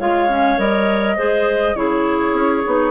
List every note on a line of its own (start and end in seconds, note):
0.00 0.58 G#3
0.00 0.29 F4
0.00 1.17 C#5
0.00 0.59 F5
0.29 0.59 C#4
0.58 1.17 G3
0.58 1.18 A#4
0.58 1.76 D#5
1.17 1.75 G#3
1.17 1.75 G#4
1.17 1.76 C5
1.75 2.33 C#3
1.75 2.64 E4
1.75 2.92 G#4
1.75 2.92 C#5
2.33 2.63 C#4
2.65 2.92 B3
2.65 2.92 D#4